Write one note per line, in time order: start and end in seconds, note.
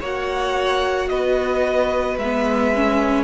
0.00 1.10 A#3
0.00 2.20 F#4
0.00 1.09 C#5
0.00 1.09 F#5
1.09 2.17 B3
1.09 3.24 B4
1.09 2.18 D#5
2.17 3.24 G#3
2.17 3.24 E5
2.24 2.75 B3
2.75 3.24 C#4